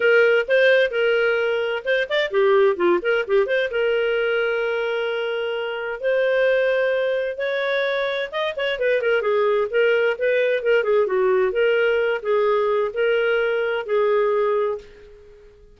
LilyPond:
\new Staff \with { instrumentName = "clarinet" } { \time 4/4 \tempo 4 = 130 ais'4 c''4 ais'2 | c''8 d''8 g'4 f'8 ais'8 g'8 c''8 | ais'1~ | ais'4 c''2. |
cis''2 dis''8 cis''8 b'8 ais'8 | gis'4 ais'4 b'4 ais'8 gis'8 | fis'4 ais'4. gis'4. | ais'2 gis'2 | }